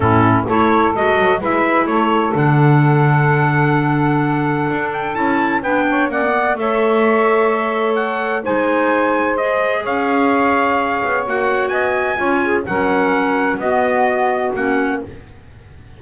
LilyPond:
<<
  \new Staff \with { instrumentName = "trumpet" } { \time 4/4 \tempo 4 = 128 a'4 cis''4 dis''4 e''4 | cis''4 fis''2.~ | fis''2~ fis''8 g''8 a''4 | g''4 fis''4 e''2~ |
e''4 fis''4 gis''2 | dis''4 f''2. | fis''4 gis''2 fis''4~ | fis''4 dis''2 fis''4 | }
  \new Staff \with { instrumentName = "saxophone" } { \time 4/4 e'4 a'2 b'4 | a'1~ | a'1 | b'8 cis''8 d''4 cis''2~ |
cis''2 c''2~ | c''4 cis''2.~ | cis''4 dis''4 cis''8 gis'8 ais'4~ | ais'4 fis'2. | }
  \new Staff \with { instrumentName = "clarinet" } { \time 4/4 cis'4 e'4 fis'4 e'4~ | e'4 d'2.~ | d'2. e'4 | d'4 cis'16 b8. a'2~ |
a'2 dis'2 | gis'1 | fis'2 f'4 cis'4~ | cis'4 b2 cis'4 | }
  \new Staff \with { instrumentName = "double bass" } { \time 4/4 a,4 a4 gis8 fis8 gis4 | a4 d2.~ | d2 d'4 cis'4 | b4 ais4 a2~ |
a2 gis2~ | gis4 cis'2~ cis'8 b8 | ais4 b4 cis'4 fis4~ | fis4 b2 ais4 | }
>>